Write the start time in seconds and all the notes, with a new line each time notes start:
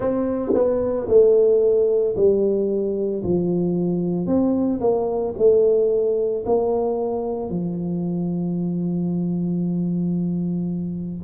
0.00 C4
0.54 B3
1.08 A3
2.16 G3
3.23 F3
4.26 C4
4.80 A#3
5.37 A3
6.45 A#3
7.49 F3